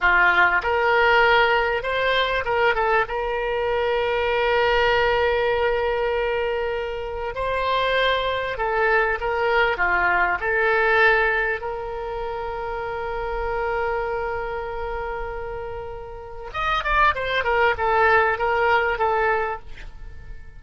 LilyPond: \new Staff \with { instrumentName = "oboe" } { \time 4/4 \tempo 4 = 98 f'4 ais'2 c''4 | ais'8 a'8 ais'2.~ | ais'1 | c''2 a'4 ais'4 |
f'4 a'2 ais'4~ | ais'1~ | ais'2. dis''8 d''8 | c''8 ais'8 a'4 ais'4 a'4 | }